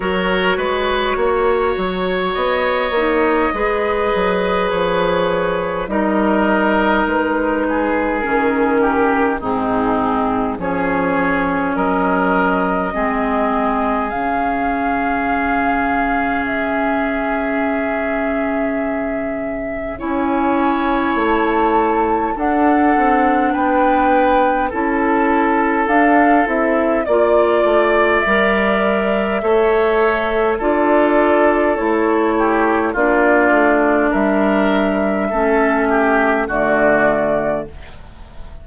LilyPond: <<
  \new Staff \with { instrumentName = "flute" } { \time 4/4 \tempo 4 = 51 cis''2 dis''2 | cis''4 dis''4 b'4 ais'4 | gis'4 cis''4 dis''2 | f''2 e''2~ |
e''4 gis''4 a''4 fis''4 | g''4 a''4 f''8 e''8 d''4 | e''2 d''4 cis''4 | d''4 e''2 d''4 | }
  \new Staff \with { instrumentName = "oboe" } { \time 4/4 ais'8 b'8 cis''2 b'4~ | b'4 ais'4. gis'4 g'8 | dis'4 gis'4 ais'4 gis'4~ | gis'1~ |
gis'4 cis''2 a'4 | b'4 a'2 d''4~ | d''4 cis''4 a'4. g'8 | f'4 ais'4 a'8 g'8 fis'4 | }
  \new Staff \with { instrumentName = "clarinet" } { \time 4/4 fis'2~ fis'8 dis'8 gis'4~ | gis'4 dis'2 cis'4 | c'4 cis'2 c'4 | cis'1~ |
cis'4 e'2 d'4~ | d'4 e'4 d'8 e'8 f'4 | ais'4 a'4 f'4 e'4 | d'2 cis'4 a4 | }
  \new Staff \with { instrumentName = "bassoon" } { \time 4/4 fis8 gis8 ais8 fis8 b8 ais8 gis8 fis8 | f4 g4 gis4 dis4 | gis,4 f4 fis4 gis4 | cis1~ |
cis4 cis'4 a4 d'8 c'8 | b4 cis'4 d'8 c'8 ais8 a8 | g4 a4 d'4 a4 | ais8 a8 g4 a4 d4 | }
>>